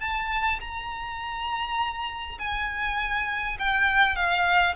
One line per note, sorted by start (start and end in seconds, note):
0.00 0.59 A5
0.60 2.38 A#5
2.38 3.57 G#5
3.59 4.16 G5
4.16 4.75 F5